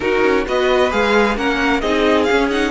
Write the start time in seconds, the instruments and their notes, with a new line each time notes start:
0.00 viola D#4, cello D#4, violin F#4 A#4
0.23 cello C#4
0.45 cello B3, viola F#4, violin B4 D#5
0.90 cello G#3, viola G#4, violin F5
1.36 cello A#3, viola C#4, violin A#4 F#5
1.81 cello C4, viola D#4, violin G#4 D#5
2.23 violin F5
2.29 viola C#4, cello C#4
2.50 viola D#4, violin F#5